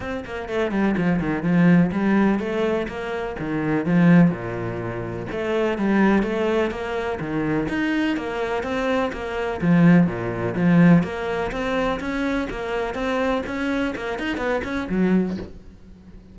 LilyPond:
\new Staff \with { instrumentName = "cello" } { \time 4/4 \tempo 4 = 125 c'8 ais8 a8 g8 f8 dis8 f4 | g4 a4 ais4 dis4 | f4 ais,2 a4 | g4 a4 ais4 dis4 |
dis'4 ais4 c'4 ais4 | f4 ais,4 f4 ais4 | c'4 cis'4 ais4 c'4 | cis'4 ais8 dis'8 b8 cis'8 fis4 | }